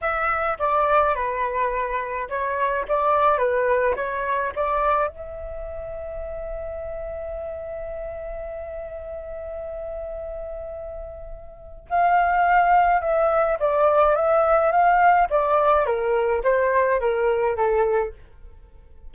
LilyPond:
\new Staff \with { instrumentName = "flute" } { \time 4/4 \tempo 4 = 106 e''4 d''4 b'2 | cis''4 d''4 b'4 cis''4 | d''4 e''2.~ | e''1~ |
e''1~ | e''4 f''2 e''4 | d''4 e''4 f''4 d''4 | ais'4 c''4 ais'4 a'4 | }